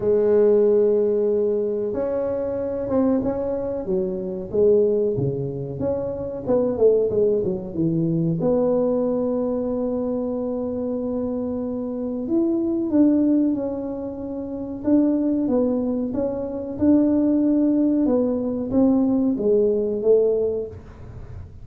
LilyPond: \new Staff \with { instrumentName = "tuba" } { \time 4/4 \tempo 4 = 93 gis2. cis'4~ | cis'8 c'8 cis'4 fis4 gis4 | cis4 cis'4 b8 a8 gis8 fis8 | e4 b2.~ |
b2. e'4 | d'4 cis'2 d'4 | b4 cis'4 d'2 | b4 c'4 gis4 a4 | }